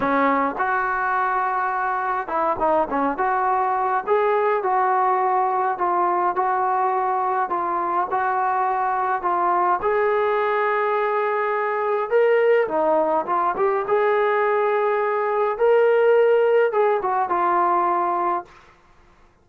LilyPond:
\new Staff \with { instrumentName = "trombone" } { \time 4/4 \tempo 4 = 104 cis'4 fis'2. | e'8 dis'8 cis'8 fis'4. gis'4 | fis'2 f'4 fis'4~ | fis'4 f'4 fis'2 |
f'4 gis'2.~ | gis'4 ais'4 dis'4 f'8 g'8 | gis'2. ais'4~ | ais'4 gis'8 fis'8 f'2 | }